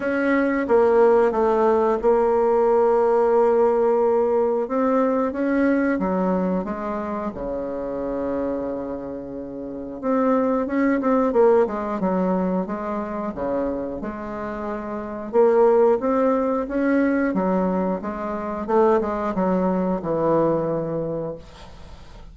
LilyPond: \new Staff \with { instrumentName = "bassoon" } { \time 4/4 \tempo 4 = 90 cis'4 ais4 a4 ais4~ | ais2. c'4 | cis'4 fis4 gis4 cis4~ | cis2. c'4 |
cis'8 c'8 ais8 gis8 fis4 gis4 | cis4 gis2 ais4 | c'4 cis'4 fis4 gis4 | a8 gis8 fis4 e2 | }